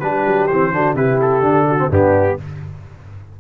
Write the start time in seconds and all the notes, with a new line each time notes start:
0.00 G3 D4 G4 B4
0.27 F#3
0.47 E3 C4 C5
0.73 D3 D4 F#4
0.95 C3 E4 G4 B4
1.22 A4
1.41 D3 D4
1.68 F#4
1.78 C4
1.90 G2 B3 D4 G4